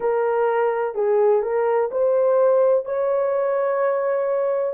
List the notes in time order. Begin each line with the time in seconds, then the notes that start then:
0.00 A#4
0.94 G#4
1.42 A#4
1.90 C5
2.85 C#5